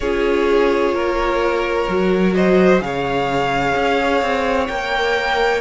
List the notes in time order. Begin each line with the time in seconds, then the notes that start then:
0.00 C#4 F4 G#4 C#5
0.93 A#3 A#4
1.88 F#3 F#4
2.34 C5 D#5
2.80 C#3 G#4 C#5 F5
3.75 C#4
4.21 C4
4.67 A#3 A#4 G5